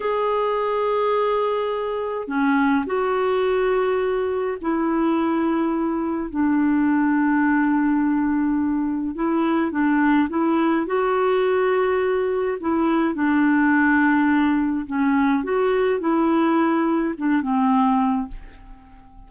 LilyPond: \new Staff \with { instrumentName = "clarinet" } { \time 4/4 \tempo 4 = 105 gis'1 | cis'4 fis'2. | e'2. d'4~ | d'1 |
e'4 d'4 e'4 fis'4~ | fis'2 e'4 d'4~ | d'2 cis'4 fis'4 | e'2 d'8 c'4. | }